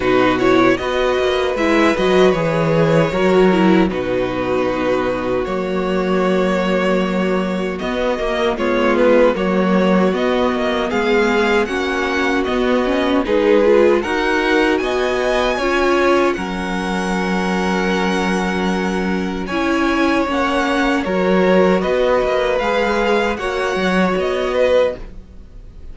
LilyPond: <<
  \new Staff \with { instrumentName = "violin" } { \time 4/4 \tempo 4 = 77 b'8 cis''8 dis''4 e''8 dis''8 cis''4~ | cis''4 b'2 cis''4~ | cis''2 dis''4 cis''8 b'8 | cis''4 dis''4 f''4 fis''4 |
dis''4 b'4 fis''4 gis''4~ | gis''4 fis''2.~ | fis''4 gis''4 fis''4 cis''4 | dis''4 f''4 fis''4 dis''4 | }
  \new Staff \with { instrumentName = "violin" } { \time 4/4 fis'4 b'2. | ais'4 fis'2.~ | fis'2. f'4 | fis'2 gis'4 fis'4~ |
fis'4 gis'4 ais'4 dis''4 | cis''4 ais'2.~ | ais'4 cis''2 ais'4 | b'2 cis''4. b'8 | }
  \new Staff \with { instrumentName = "viola" } { \time 4/4 dis'8 e'8 fis'4 e'8 fis'8 gis'4 | fis'8 e'8 dis'2 ais4~ | ais2 b8 ais8 b4 | ais4 b2 cis'4 |
b8 cis'8 dis'8 f'8 fis'2 | f'4 cis'2.~ | cis'4 e'4 cis'4 fis'4~ | fis'4 gis'4 fis'2 | }
  \new Staff \with { instrumentName = "cello" } { \time 4/4 b,4 b8 ais8 gis8 fis8 e4 | fis4 b,2 fis4~ | fis2 b8 ais8 gis4 | fis4 b8 ais8 gis4 ais4 |
b4 gis4 dis'4 b4 | cis'4 fis2.~ | fis4 cis'4 ais4 fis4 | b8 ais8 gis4 ais8 fis8 b4 | }
>>